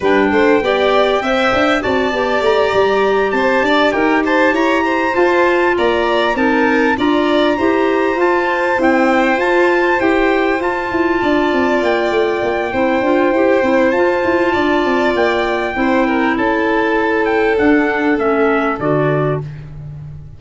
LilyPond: <<
  \new Staff \with { instrumentName = "trumpet" } { \time 4/4 \tempo 4 = 99 g''2. a''4 | ais''4. a''4 g''8 a''8 ais''8~ | ais''8 a''4 ais''4 a''4 ais''8~ | ais''4. a''4 g''4 a''8~ |
a''8 g''4 a''2 g''8~ | g''2. a''4~ | a''4 g''2 a''4~ | a''8 g''8 fis''4 e''4 d''4 | }
  \new Staff \with { instrumentName = "violin" } { \time 4/4 b'8 c''8 d''4 e''4 d''4~ | d''4. c''8 d''8 ais'8 c''8 cis''8 | c''4. d''4 ais'4 d''8~ | d''8 c''2.~ c''8~ |
c''2~ c''8 d''4.~ | d''4 c''2. | d''2 c''8 ais'8 a'4~ | a'1 | }
  \new Staff \with { instrumentName = "clarinet" } { \time 4/4 d'4 g'4 c''4 fis'8 g'8~ | g'1~ | g'8 f'2 dis'4 f'8~ | f'8 g'4 f'4 c'4 f'8~ |
f'8 g'4 f'2~ f'8~ | f'4 e'8 f'8 g'8 e'8 f'4~ | f'2 e'2~ | e'4 d'4 cis'4 fis'4 | }
  \new Staff \with { instrumentName = "tuba" } { \time 4/4 g8 a8 b4 c'8 d'8 c'8 b8 | a8 g4 c'8 d'8 dis'4 e'8~ | e'8 f'4 ais4 c'4 d'8~ | d'8 e'4 f'4 e'4 f'8~ |
f'8 e'4 f'8 e'8 d'8 c'8 ais8 | a8 ais8 c'8 d'8 e'8 c'8 f'8 e'8 | d'8 c'8 ais4 c'4 cis'4~ | cis'4 d'4 a4 d4 | }
>>